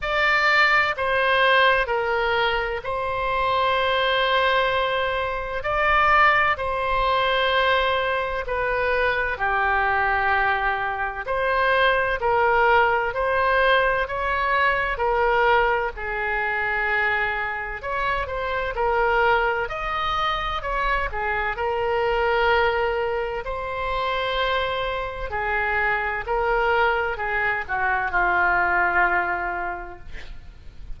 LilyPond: \new Staff \with { instrumentName = "oboe" } { \time 4/4 \tempo 4 = 64 d''4 c''4 ais'4 c''4~ | c''2 d''4 c''4~ | c''4 b'4 g'2 | c''4 ais'4 c''4 cis''4 |
ais'4 gis'2 cis''8 c''8 | ais'4 dis''4 cis''8 gis'8 ais'4~ | ais'4 c''2 gis'4 | ais'4 gis'8 fis'8 f'2 | }